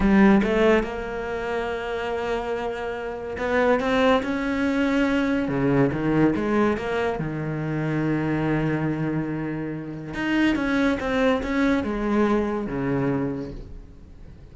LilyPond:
\new Staff \with { instrumentName = "cello" } { \time 4/4 \tempo 4 = 142 g4 a4 ais2~ | ais1 | b4 c'4 cis'2~ | cis'4 cis4 dis4 gis4 |
ais4 dis2.~ | dis1 | dis'4 cis'4 c'4 cis'4 | gis2 cis2 | }